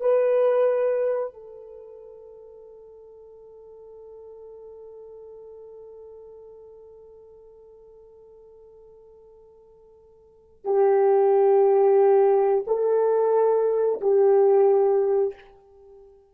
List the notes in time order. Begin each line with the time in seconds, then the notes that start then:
0.00 B4
1.33 A4
10.64 G4
12.67 A4
14.01 G4